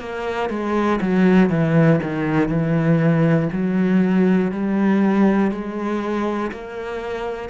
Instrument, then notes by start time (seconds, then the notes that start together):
cello
0.00 A#3
0.50 G#3
1.01 F#3
1.50 E3
2.03 D#3
2.48 E3
3.53 F#3
4.51 G3
5.51 G#3
6.52 A#3